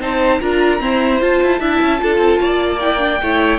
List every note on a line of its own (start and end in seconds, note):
0.00 0.40 C4
0.00 0.40 D#4
0.00 0.41 C5
0.00 0.41 A5
0.41 0.81 D4
0.41 0.80 F4
0.41 0.81 A#4
0.41 1.21 A#5
0.80 1.20 C4
0.80 1.21 E4
0.80 1.60 C5
1.21 1.61 F4
1.21 1.41 F4
1.21 2.79 A5
1.42 1.60 E4
1.60 1.80 D4
1.60 1.98 E4
1.60 2.00 E5
1.81 2.01 C#4
1.98 2.17 D4
1.98 2.78 F4
1.98 2.41 A4
2.17 2.37 C4
2.41 3.21 A#3
2.41 3.21 D5
2.79 2.98 E4
2.79 3.58 G5
2.98 3.18 D4
3.22 3.58 A3
3.22 3.58 E4
3.22 3.58 C#5